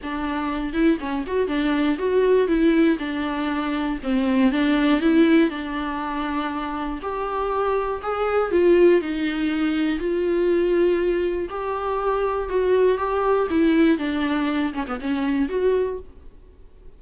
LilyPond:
\new Staff \with { instrumentName = "viola" } { \time 4/4 \tempo 4 = 120 d'4. e'8 cis'8 fis'8 d'4 | fis'4 e'4 d'2 | c'4 d'4 e'4 d'4~ | d'2 g'2 |
gis'4 f'4 dis'2 | f'2. g'4~ | g'4 fis'4 g'4 e'4 | d'4. cis'16 b16 cis'4 fis'4 | }